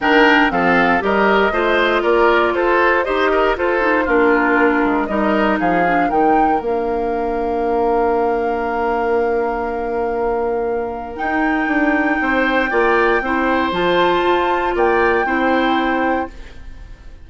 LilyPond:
<<
  \new Staff \with { instrumentName = "flute" } { \time 4/4 \tempo 4 = 118 g''4 f''4 dis''2 | d''4 c''4 dis''4 c''4 | ais'2 dis''4 f''4 | g''4 f''2.~ |
f''1~ | f''2 g''2~ | g''2. a''4~ | a''4 g''2. | }
  \new Staff \with { instrumentName = "oboe" } { \time 4/4 ais'4 a'4 ais'4 c''4 | ais'4 a'4 c''8 ais'8 a'4 | f'2 ais'4 gis'4 | ais'1~ |
ais'1~ | ais'1 | c''4 d''4 c''2~ | c''4 d''4 c''2 | }
  \new Staff \with { instrumentName = "clarinet" } { \time 4/4 d'4 c'4 g'4 f'4~ | f'2 g'4 f'8 dis'8 | d'2 dis'4. d'8 | dis'4 d'2.~ |
d'1~ | d'2 dis'2~ | dis'4 f'4 e'4 f'4~ | f'2 e'2 | }
  \new Staff \with { instrumentName = "bassoon" } { \time 4/4 dis4 f4 g4 a4 | ais4 f'4 dis'4 f'4 | ais4. gis8 g4 f4 | dis4 ais2.~ |
ais1~ | ais2 dis'4 d'4 | c'4 ais4 c'4 f4 | f'4 ais4 c'2 | }
>>